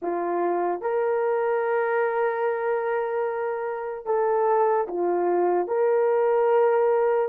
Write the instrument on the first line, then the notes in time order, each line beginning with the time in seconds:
horn
0.02 F4
0.81 A#4
4.05 A4
4.87 F4
5.67 A#4